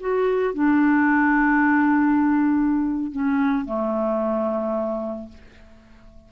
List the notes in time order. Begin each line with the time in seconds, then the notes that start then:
0.00 F#4
0.54 D4
3.12 C#4
3.65 A3